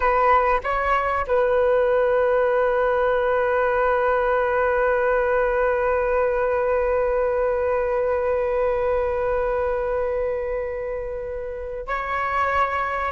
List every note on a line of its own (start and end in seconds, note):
0.00 0.60 B4
0.63 1.26 C#5
1.27 11.87 B4
11.87 13.11 C#5